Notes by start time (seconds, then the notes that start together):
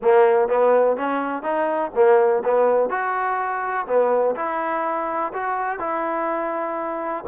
0.02 A#3
0.48 B3
0.97 C#4
1.42 D#4
1.95 A#3
2.44 B3
2.89 F#4
3.86 B3
4.35 E4
5.33 F#4
5.79 E4